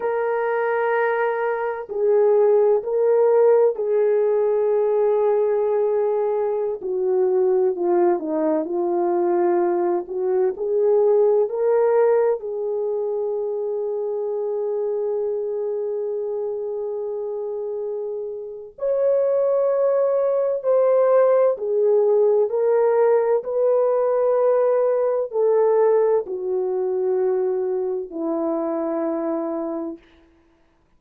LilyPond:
\new Staff \with { instrumentName = "horn" } { \time 4/4 \tempo 4 = 64 ais'2 gis'4 ais'4 | gis'2.~ gis'16 fis'8.~ | fis'16 f'8 dis'8 f'4. fis'8 gis'8.~ | gis'16 ais'4 gis'2~ gis'8.~ |
gis'1 | cis''2 c''4 gis'4 | ais'4 b'2 a'4 | fis'2 e'2 | }